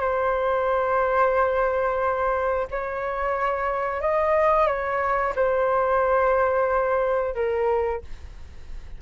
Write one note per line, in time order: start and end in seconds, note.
0.00 2.67 C5
2.71 4.01 C#5
4.01 4.67 D#5
4.67 5.33 C#5
5.35 7.35 C5
7.35 8.01 A#4